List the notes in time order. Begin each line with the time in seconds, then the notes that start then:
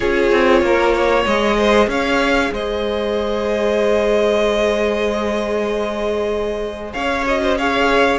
0.00 C#4 F4 G#4 C#5
0.31 C4
0.61 A#3 A#4
0.93 C#5
1.26 G#3 G#4 D#5
1.57 C5
1.87 C#4 C#5 F5
2.51 G#3 C5 D#5
6.92 C#4 C#5 F5
7.26 F#4 D#5
7.42 C5
7.57 G#4 C#5 F5